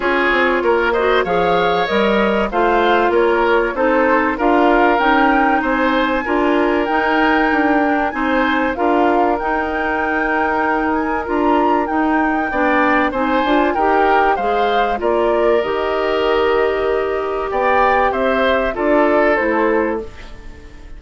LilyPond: <<
  \new Staff \with { instrumentName = "flute" } { \time 4/4 \tempo 4 = 96 cis''4. dis''8 f''4 dis''4 | f''4 cis''4 c''4 f''4 | g''4 gis''2 g''4~ | g''4 gis''4 f''4 g''4~ |
g''4. gis''8 ais''4 g''4~ | g''4 gis''4 g''4 f''4 | d''4 dis''2. | g''4 e''4 d''4 c''4 | }
  \new Staff \with { instrumentName = "oboe" } { \time 4/4 gis'4 ais'8 c''8 cis''2 | c''4 ais'4 a'4 ais'4~ | ais'4 c''4 ais'2~ | ais'4 c''4 ais'2~ |
ais'1 | d''4 c''4 ais'4 c''4 | ais'1 | d''4 c''4 a'2 | }
  \new Staff \with { instrumentName = "clarinet" } { \time 4/4 f'4. fis'8 gis'4 ais'4 | f'2 dis'4 f'4 | dis'2 f'4 dis'4~ | dis'8 d'8 dis'4 f'4 dis'4~ |
dis'2 f'4 dis'4 | d'4 dis'8 f'8 g'4 gis'4 | f'4 g'2.~ | g'2 f'4 e'4 | }
  \new Staff \with { instrumentName = "bassoon" } { \time 4/4 cis'8 c'8 ais4 f4 g4 | a4 ais4 c'4 d'4 | cis'4 c'4 d'4 dis'4 | d'4 c'4 d'4 dis'4~ |
dis'2 d'4 dis'4 | b4 c'8 d'8 dis'4 gis4 | ais4 dis2. | b4 c'4 d'4 a4 | }
>>